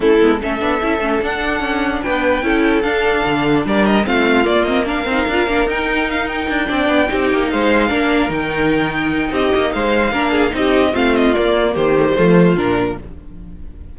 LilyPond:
<<
  \new Staff \with { instrumentName = "violin" } { \time 4/4 \tempo 4 = 148 a'4 e''2 fis''4~ | fis''4 g''2 f''4~ | f''4 d''8 dis''8 f''4 d''8 dis''8 | f''2 g''4 f''8 g''8~ |
g''2~ g''8 f''4.~ | f''8 g''2~ g''8 dis''4 | f''2 dis''4 f''8 dis''8 | d''4 c''2 ais'4 | }
  \new Staff \with { instrumentName = "violin" } { \time 4/4 e'4 a'2.~ | a'4 b'4 a'2~ | a'4 ais'4 f'2 | ais'1~ |
ais'8 d''4 g'4 c''4 ais'8~ | ais'2. g'4 | c''4 ais'8 gis'8 g'4 f'4~ | f'4 g'4 f'2 | }
  \new Staff \with { instrumentName = "viola" } { \time 4/4 cis'8 b8 cis'8 d'8 e'8 cis'8 d'4~ | d'2 e'4 d'4~ | d'2 c'4 ais8 c'8 | d'8 dis'8 f'8 d'8 dis'2~ |
dis'8 d'4 dis'2 d'8~ | d'8 dis'2.~ dis'8~ | dis'4 d'4 dis'4 c'4 | ais4. a16 g16 a4 d'4 | }
  \new Staff \with { instrumentName = "cello" } { \time 4/4 a8 gis8 a8 b8 cis'8 a8 d'4 | cis'4 b4 cis'4 d'4 | d4 g4 a4 ais4~ | ais8 c'8 d'8 ais8 dis'2 |
d'8 c'8 b8 c'8 ais8 gis4 ais8~ | ais8 dis2~ dis8 c'8 ais8 | gis4 ais4 c'4 a4 | ais4 dis4 f4 ais,4 | }
>>